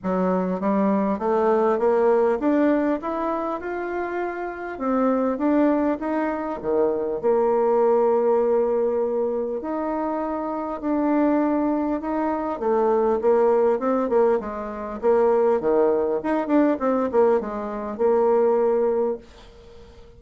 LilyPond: \new Staff \with { instrumentName = "bassoon" } { \time 4/4 \tempo 4 = 100 fis4 g4 a4 ais4 | d'4 e'4 f'2 | c'4 d'4 dis'4 dis4 | ais1 |
dis'2 d'2 | dis'4 a4 ais4 c'8 ais8 | gis4 ais4 dis4 dis'8 d'8 | c'8 ais8 gis4 ais2 | }